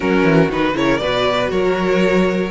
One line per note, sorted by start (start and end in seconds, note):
0.00 0.23 F#3
0.00 0.50 C#4
0.00 0.74 F#4
0.00 0.50 A#4
0.23 0.48 E3
0.49 0.74 D#3
0.49 0.74 D#4
0.49 0.76 B4
0.74 1.00 C#3
0.74 0.99 E4
0.74 1.01 A#4
0.74 0.97 C#5
0.97 1.51 B2
0.97 2.51 F#4
0.97 1.51 B4
0.97 1.48 D5
1.51 2.51 F#3
1.51 2.51 A#4
1.51 2.51 C#5